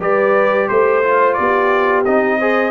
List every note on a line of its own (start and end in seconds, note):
0.00 0.68 G3
0.00 1.03 G4
0.00 0.69 B4
0.00 0.68 D5
0.68 1.38 A3
0.68 1.34 C5
0.68 1.38 C5
1.03 2.05 F4
1.34 2.06 B3
1.34 2.38 G4
1.34 2.02 D5
2.05 2.71 C4
2.05 2.40 D#4
2.05 2.71 D#5
2.38 2.71 G#4
2.38 2.71 C5